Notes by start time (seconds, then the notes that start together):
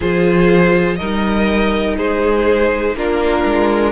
0.00 F3 F4 G#4 C5
0.96 G3 D#4 A#4 D#5
1.97 G#3 G#4 C5
2.94 A#3 D4 F4 A#4
3.44 G#3